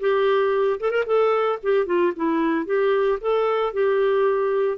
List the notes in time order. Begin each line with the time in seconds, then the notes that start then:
0.00 G4
0.80 A4
0.91 A#4
1.06 A4
1.63 G4
1.86 F4
2.16 E4
2.66 G4
3.21 A4
3.73 G4